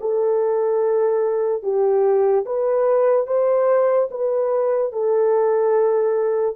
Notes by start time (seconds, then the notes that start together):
0.00 A4
1.63 G4
2.45 B4
3.26 C5
4.10 B4
4.92 A4